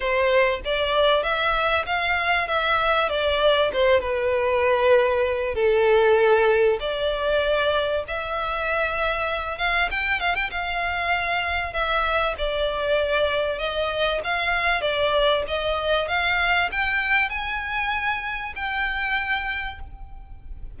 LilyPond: \new Staff \with { instrumentName = "violin" } { \time 4/4 \tempo 4 = 97 c''4 d''4 e''4 f''4 | e''4 d''4 c''8 b'4.~ | b'4 a'2 d''4~ | d''4 e''2~ e''8 f''8 |
g''8 f''16 g''16 f''2 e''4 | d''2 dis''4 f''4 | d''4 dis''4 f''4 g''4 | gis''2 g''2 | }